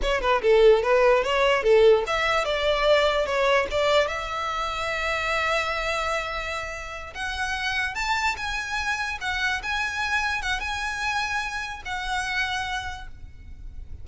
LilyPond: \new Staff \with { instrumentName = "violin" } { \time 4/4 \tempo 4 = 147 cis''8 b'8 a'4 b'4 cis''4 | a'4 e''4 d''2 | cis''4 d''4 e''2~ | e''1~ |
e''4. fis''2 a''8~ | a''8 gis''2 fis''4 gis''8~ | gis''4. fis''8 gis''2~ | gis''4 fis''2. | }